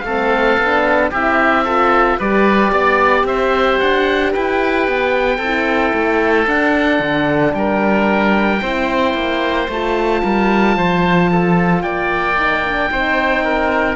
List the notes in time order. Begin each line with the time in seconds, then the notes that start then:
0.00 A3 A4 F5
0.07 C4
0.58 B3 D4
1.11 C4 E4 G4 E5
1.64 F4 A4
2.19 G3 G4 B4 D5
2.72 B3 D5
3.24 C4 C5 E5
3.79 D4 F#5
4.32 E4 B4 G5
4.88 B3
5.37 C4 A4
5.44 E4
5.93 A3
6.47 D4 F#5
6.99 D3
7.54 G3 A#4 G5
8.61 C4 E4 C5
9.14 A#3
9.68 A3 F4 A5
10.23 G3 A#4
10.76 F3 C5
11.32 A4
11.82 A#3 D5 G5
12.37 D#4
12.65 D4
12.90 C4 D#4 C5
13.44 A#4